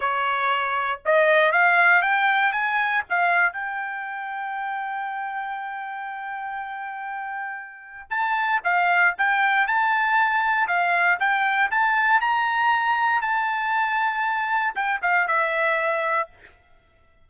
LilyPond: \new Staff \with { instrumentName = "trumpet" } { \time 4/4 \tempo 4 = 118 cis''2 dis''4 f''4 | g''4 gis''4 f''4 g''4~ | g''1~ | g''1 |
a''4 f''4 g''4 a''4~ | a''4 f''4 g''4 a''4 | ais''2 a''2~ | a''4 g''8 f''8 e''2 | }